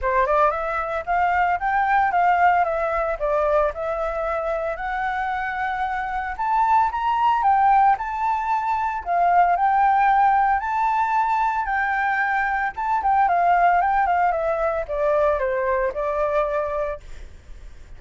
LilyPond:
\new Staff \with { instrumentName = "flute" } { \time 4/4 \tempo 4 = 113 c''8 d''8 e''4 f''4 g''4 | f''4 e''4 d''4 e''4~ | e''4 fis''2. | a''4 ais''4 g''4 a''4~ |
a''4 f''4 g''2 | a''2 g''2 | a''8 g''8 f''4 g''8 f''8 e''4 | d''4 c''4 d''2 | }